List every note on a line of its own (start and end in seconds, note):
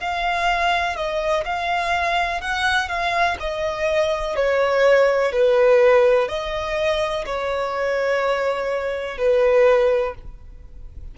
0.00 0.96 F5
0.96 1.44 D#5
1.45 2.41 F5
2.41 2.89 F#5
2.89 3.37 F5
3.40 4.35 D#5
4.35 5.32 C#5
5.32 6.28 B4
6.28 7.25 D#5
7.26 9.18 C#5
9.18 10.15 B4